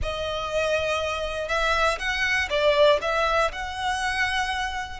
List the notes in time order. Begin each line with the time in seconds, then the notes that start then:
0.02 D#5
1.48 E5
1.98 F#5
2.49 D5
3.01 E5
3.52 F#5